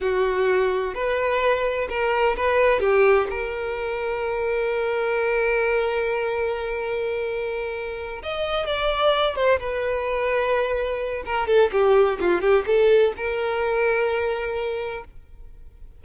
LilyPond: \new Staff \with { instrumentName = "violin" } { \time 4/4 \tempo 4 = 128 fis'2 b'2 | ais'4 b'4 g'4 ais'4~ | ais'1~ | ais'1~ |
ais'4. dis''4 d''4. | c''8 b'2.~ b'8 | ais'8 a'8 g'4 f'8 g'8 a'4 | ais'1 | }